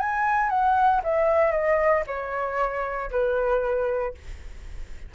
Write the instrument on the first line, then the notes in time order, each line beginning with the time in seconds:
flute
0.00 G#5
0.50 F#5
1.04 E5
1.52 D#5
2.07 C#5
3.11 B4